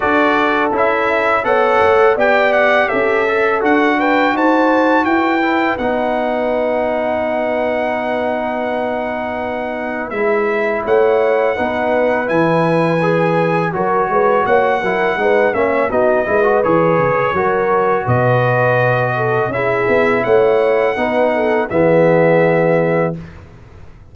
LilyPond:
<<
  \new Staff \with { instrumentName = "trumpet" } { \time 4/4 \tempo 4 = 83 d''4 e''4 fis''4 g''8 fis''8 | e''4 fis''8 g''8 a''4 g''4 | fis''1~ | fis''2 e''4 fis''4~ |
fis''4 gis''2 cis''4 | fis''4. e''8 dis''4 cis''4~ | cis''4 dis''2 e''4 | fis''2 e''2 | }
  \new Staff \with { instrumentName = "horn" } { \time 4/4 a'2 cis''4 d''4 | a'4. b'8 c''4 b'4~ | b'1~ | b'2. cis''4 |
b'2. ais'8 b'8 | cis''8 ais'8 b'8 cis''8 fis'8 b'4. | ais'4 b'4. a'8 gis'4 | cis''4 b'8 a'8 gis'2 | }
  \new Staff \with { instrumentName = "trombone" } { \time 4/4 fis'4 e'4 a'4 g'4~ | g'8 a'8 fis'2~ fis'8 e'8 | dis'1~ | dis'2 e'2 |
dis'4 e'4 gis'4 fis'4~ | fis'8 e'8 dis'8 cis'8 dis'8 e'16 fis'16 gis'4 | fis'2. e'4~ | e'4 dis'4 b2 | }
  \new Staff \with { instrumentName = "tuba" } { \time 4/4 d'4 cis'4 b8 a8 b4 | cis'4 d'4 dis'4 e'4 | b1~ | b2 gis4 a4 |
b4 e2 fis8 gis8 | ais8 fis8 gis8 ais8 b8 gis8 e8 cis8 | fis4 b,2 cis'8 b8 | a4 b4 e2 | }
>>